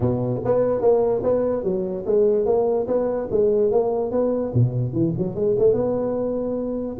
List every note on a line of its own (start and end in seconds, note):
0.00 0.41 B2
0.44 0.81 B3
0.81 1.22 A#3
1.23 1.63 B3
1.63 2.05 F#3
2.05 2.45 G#3
2.45 2.86 A#3
2.87 3.28 B3
3.30 3.71 G#3
3.71 4.11 A#3
4.11 4.52 B3
4.54 4.92 B2
4.92 5.13 E3
5.17 5.35 F#3
5.35 5.55 G#3
5.59 5.73 A3
5.73 6.96 B3